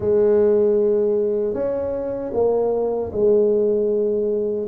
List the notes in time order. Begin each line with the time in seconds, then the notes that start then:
0.00 G#3
1.54 C#4
2.33 A#3
3.12 G#3